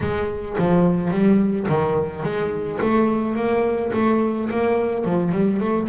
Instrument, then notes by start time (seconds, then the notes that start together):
double bass
0.00 G#3
0.58 F3
1.10 G3
1.68 D#3
2.23 G#3
2.81 A3
3.35 A#3
3.93 A3
4.50 A#3
5.05 F3
5.32 G3
5.59 A3